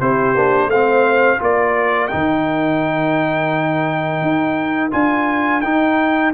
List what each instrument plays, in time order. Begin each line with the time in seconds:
0.00 tuba C4, trombone E4, horn G4, trumpet C5
0.35 tuba A#3, trombone D4
0.67 tuba A3, horn C5, trumpet F5
0.74 trombone C4
1.39 tuba A#3, trombone F4, horn A#4, trumpet D5
2.08 trombone D#4, trumpet G5
2.14 tuba D#3
4.22 tuba D#4
4.92 tuba D4, trombone F4, trumpet G#5
5.61 tuba D#4, trombone D#4, trumpet G5